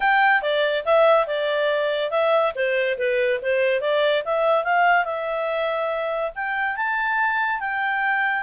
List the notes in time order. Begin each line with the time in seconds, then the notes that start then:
0.00 G5
0.42 D5
0.85 E5
1.26 D5
2.10 E5
2.55 C5
2.98 B4
3.42 C5
3.80 D5
4.25 E5
4.64 F5
5.04 E5
6.35 G5
6.76 A5
7.60 G5